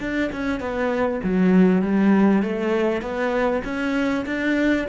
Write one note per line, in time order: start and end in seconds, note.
0.00 0.30 D4
0.32 0.60 C#4
0.60 1.20 B3
1.24 1.82 F#3
1.82 2.42 G3
2.42 3.01 A3
3.01 3.62 B3
3.64 4.25 C#4
4.26 4.86 D4